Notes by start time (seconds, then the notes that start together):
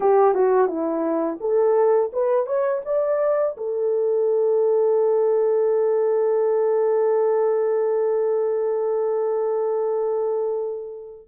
0.00 G4
0.34 F#4
0.67 E4
1.40 A4
2.12 B4
2.46 C#5
2.85 D5
3.57 A4